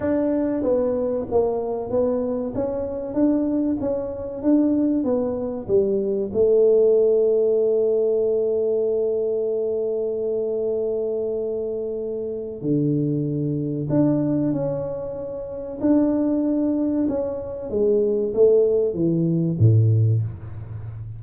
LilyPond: \new Staff \with { instrumentName = "tuba" } { \time 4/4 \tempo 4 = 95 d'4 b4 ais4 b4 | cis'4 d'4 cis'4 d'4 | b4 g4 a2~ | a1~ |
a1 | d2 d'4 cis'4~ | cis'4 d'2 cis'4 | gis4 a4 e4 a,4 | }